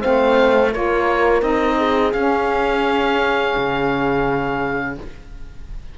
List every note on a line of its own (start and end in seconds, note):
0.00 0.75 A3
0.00 0.71 C4
0.00 0.71 C5
0.00 0.71 F5
0.72 1.42 A#3
0.72 1.41 F4
0.72 1.77 A#4
0.72 1.42 C#5
1.41 2.12 C4
1.41 2.11 D#4
1.41 2.12 D#5
1.77 4.95 G#4
2.12 3.55 C#4
2.12 4.98 C#4
2.12 4.95 F5
3.57 4.98 C#3